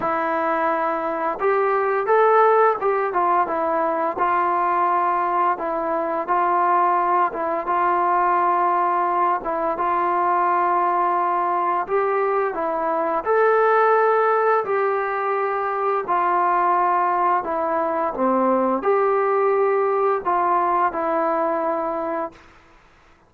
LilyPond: \new Staff \with { instrumentName = "trombone" } { \time 4/4 \tempo 4 = 86 e'2 g'4 a'4 | g'8 f'8 e'4 f'2 | e'4 f'4. e'8 f'4~ | f'4. e'8 f'2~ |
f'4 g'4 e'4 a'4~ | a'4 g'2 f'4~ | f'4 e'4 c'4 g'4~ | g'4 f'4 e'2 | }